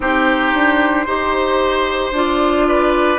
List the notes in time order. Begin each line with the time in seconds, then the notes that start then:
0.00 C4 D#4 G4 C5
0.53 D4
1.06 D#4 G4 C5
2.11 D4 F4 D5
2.67 B4